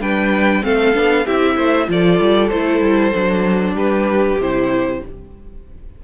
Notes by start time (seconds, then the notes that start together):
0.00 G3 D4 B4 G5
0.63 A3 C4 A4 F5
0.94 B3 D4
1.26 C4 E4 G4 E5
1.56 A3 C5
1.87 F3 F4 A4 D5
2.20 G3
2.49 A3 E4 C5
2.81 G3
3.13 F#3 D4
3.74 G3 G4 B4
4.39 C3 E4 C5